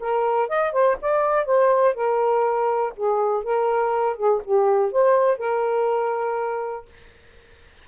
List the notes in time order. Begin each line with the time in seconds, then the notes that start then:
0.00 A#4
0.49 D#5
0.72 C5
1.01 D5
1.45 C5
1.95 A#4
2.96 G#4
3.44 A#4
4.17 G#4
4.45 G4
4.92 C5
5.38 A#4